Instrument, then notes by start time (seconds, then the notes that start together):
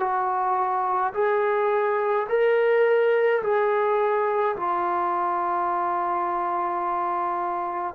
trombone
0.00 F#4
1.14 G#4
2.29 A#4
3.43 G#4
4.56 F4